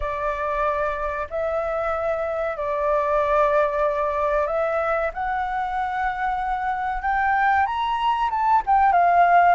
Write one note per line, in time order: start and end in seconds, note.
0.00 1.27 D5
1.29 2.56 E5
2.56 4.47 D5
4.47 5.10 E5
5.13 7.02 F#5
7.02 7.65 G5
7.66 8.29 A#5
8.30 8.62 A5
8.66 8.92 G5
8.92 9.54 F5